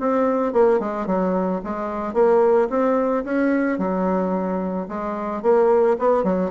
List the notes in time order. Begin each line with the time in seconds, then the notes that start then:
0.00 C4
0.53 A#3
0.80 G#3
1.06 F#3
1.64 G#3
2.14 A#3
2.70 C4
3.25 C#4
3.78 F#3
4.88 G#3
5.42 A#3
5.99 B3
6.24 F#3